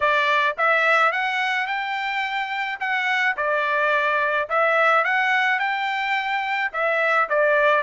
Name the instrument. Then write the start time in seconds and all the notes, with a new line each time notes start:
trumpet
0.00 D5
0.57 E5
1.12 F#5
1.66 G5
2.80 F#5
3.36 D5
4.49 E5
5.04 F#5
5.59 G5
6.72 E5
7.29 D5